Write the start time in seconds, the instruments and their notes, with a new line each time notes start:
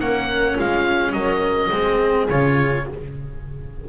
0.00 double bass A#3, cello C#4, horn A#4, oboe F#5
0.55 double bass G#3, horn F4, oboe F5
1.12 double bass F#3, horn A#4, oboe D#5
1.71 double bass G#3, cello C4, horn G#4
2.29 double bass C#3, cello F4, oboe C#5